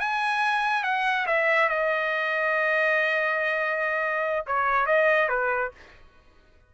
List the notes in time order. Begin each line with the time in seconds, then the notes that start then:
0.00 G#5
0.84 F#5
1.27 E5
1.69 D#5
4.47 C#5
4.86 D#5
5.29 B4